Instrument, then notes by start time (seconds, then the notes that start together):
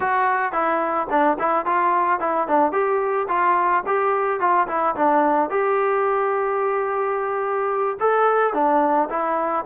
trombone
0.00 F#4
0.52 E4
1.10 D4
1.39 E4
1.65 F4
2.19 E4
2.47 D4
2.72 G4
3.28 F4
3.86 G4
4.39 F4
4.67 E4
4.95 D4
5.50 G4
8.00 A4
8.53 D4
9.09 E4